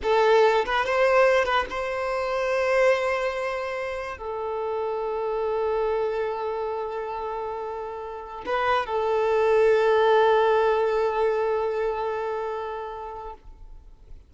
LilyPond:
\new Staff \with { instrumentName = "violin" } { \time 4/4 \tempo 4 = 144 a'4. b'8 c''4. b'8 | c''1~ | c''2 a'2~ | a'1~ |
a'1~ | a'16 b'4 a'2~ a'8.~ | a'1~ | a'1 | }